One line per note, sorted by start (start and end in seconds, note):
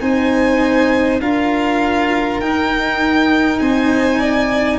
0.00 1.19 C4
0.00 1.20 D#4
0.00 1.21 C5
0.00 1.20 G#5
1.19 2.38 D4
1.19 2.42 F4
1.19 3.60 A#4
1.19 2.40 F5
2.38 3.58 D#4
2.38 4.79 D#4
2.38 3.59 G5
3.59 4.79 C4
3.59 4.19 C5
3.59 4.79 G#5
4.19 4.79 D5